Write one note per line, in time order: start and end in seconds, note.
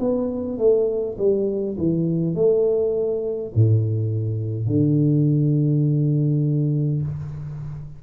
0.00 0.58 B3
0.58 1.17 A3
1.18 1.77 G3
1.78 2.35 E3
2.35 3.52 A3
3.55 4.67 A2
4.67 7.02 D3